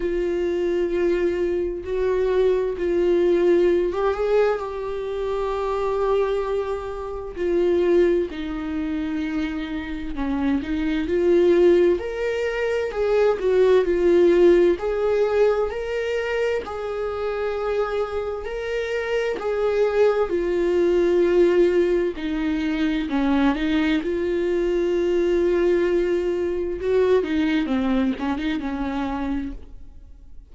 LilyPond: \new Staff \with { instrumentName = "viola" } { \time 4/4 \tempo 4 = 65 f'2 fis'4 f'4~ | f'16 g'16 gis'8 g'2. | f'4 dis'2 cis'8 dis'8 | f'4 ais'4 gis'8 fis'8 f'4 |
gis'4 ais'4 gis'2 | ais'4 gis'4 f'2 | dis'4 cis'8 dis'8 f'2~ | f'4 fis'8 dis'8 c'8 cis'16 dis'16 cis'4 | }